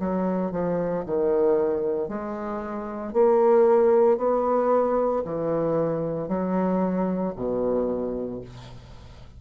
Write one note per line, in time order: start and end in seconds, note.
0.00 0.52 F#3
0.52 1.04 F3
1.06 2.09 D#3
2.09 3.13 G#3
3.13 4.18 A#3
4.18 5.23 B3
5.25 6.29 E3
6.29 7.34 F#3
7.36 8.42 B2